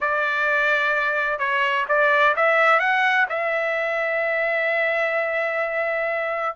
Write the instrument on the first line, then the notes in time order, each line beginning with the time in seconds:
trumpet
0.00 D5
1.38 C#5
1.88 D5
2.36 E5
2.79 F#5
3.29 E5